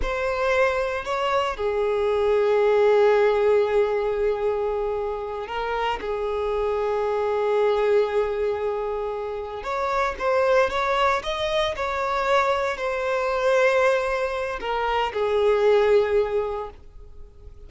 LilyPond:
\new Staff \with { instrumentName = "violin" } { \time 4/4 \tempo 4 = 115 c''2 cis''4 gis'4~ | gis'1~ | gis'2~ gis'8 ais'4 gis'8~ | gis'1~ |
gis'2~ gis'8 cis''4 c''8~ | c''8 cis''4 dis''4 cis''4.~ | cis''8 c''2.~ c''8 | ais'4 gis'2. | }